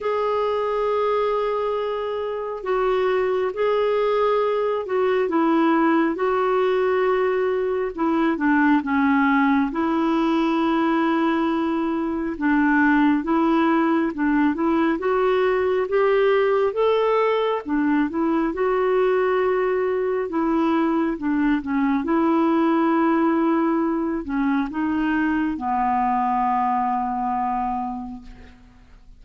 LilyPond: \new Staff \with { instrumentName = "clarinet" } { \time 4/4 \tempo 4 = 68 gis'2. fis'4 | gis'4. fis'8 e'4 fis'4~ | fis'4 e'8 d'8 cis'4 e'4~ | e'2 d'4 e'4 |
d'8 e'8 fis'4 g'4 a'4 | d'8 e'8 fis'2 e'4 | d'8 cis'8 e'2~ e'8 cis'8 | dis'4 b2. | }